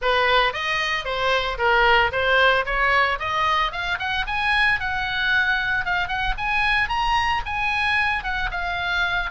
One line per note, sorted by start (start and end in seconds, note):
0.01 0.53 B4
0.53 1.04 D#5
1.04 1.57 C5
1.58 2.11 A#4
2.11 2.65 C5
2.65 3.19 C#5
3.19 3.71 D#5
3.71 3.98 F5
3.99 4.25 F#5
4.26 4.79 G#5
4.80 5.85 F#5
5.85 6.07 F5
6.07 6.34 F#5
6.37 6.89 G#5
6.89 7.42 A#5
7.45 8.23 G#5
8.23 8.50 F#5
8.51 9.30 F5